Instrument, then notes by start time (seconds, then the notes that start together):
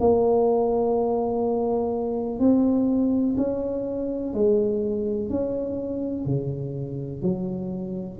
tuba
0.00 A#3
2.39 C4
3.37 C#4
4.33 G#3
5.29 C#4
6.25 C#3
7.21 F#3